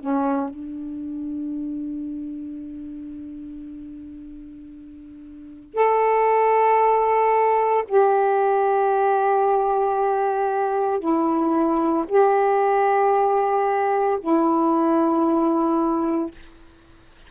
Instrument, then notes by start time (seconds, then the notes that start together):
saxophone
0.00 C#4
0.50 D4
5.74 A4
7.89 G4
11.00 E4
12.09 G4
14.21 E4